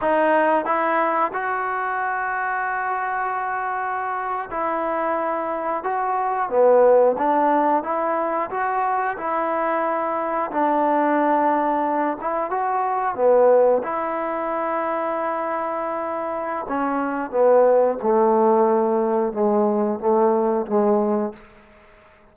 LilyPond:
\new Staff \with { instrumentName = "trombone" } { \time 4/4 \tempo 4 = 90 dis'4 e'4 fis'2~ | fis'2~ fis'8. e'4~ e'16~ | e'8. fis'4 b4 d'4 e'16~ | e'8. fis'4 e'2 d'16~ |
d'2~ d'16 e'8 fis'4 b16~ | b8. e'2.~ e'16~ | e'4 cis'4 b4 a4~ | a4 gis4 a4 gis4 | }